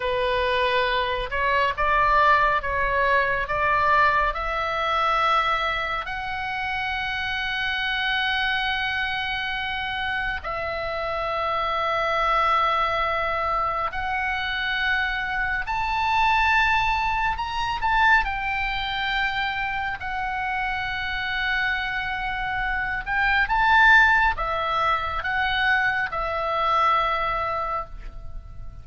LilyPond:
\new Staff \with { instrumentName = "oboe" } { \time 4/4 \tempo 4 = 69 b'4. cis''8 d''4 cis''4 | d''4 e''2 fis''4~ | fis''1 | e''1 |
fis''2 a''2 | ais''8 a''8 g''2 fis''4~ | fis''2~ fis''8 g''8 a''4 | e''4 fis''4 e''2 | }